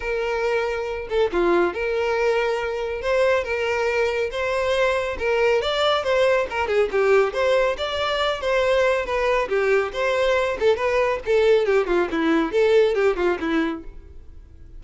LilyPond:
\new Staff \with { instrumentName = "violin" } { \time 4/4 \tempo 4 = 139 ais'2~ ais'8 a'8 f'4 | ais'2. c''4 | ais'2 c''2 | ais'4 d''4 c''4 ais'8 gis'8 |
g'4 c''4 d''4. c''8~ | c''4 b'4 g'4 c''4~ | c''8 a'8 b'4 a'4 g'8 f'8 | e'4 a'4 g'8 f'8 e'4 | }